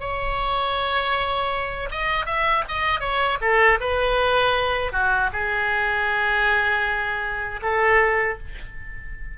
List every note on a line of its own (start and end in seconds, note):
0.00 1.90 C#5
1.91 2.26 D#5
2.26 2.64 E5
2.69 3.01 D#5
3.01 3.39 C#5
3.41 3.79 A4
3.80 4.93 B4
4.93 5.31 F#4
5.33 7.61 G#4
7.62 8.38 A4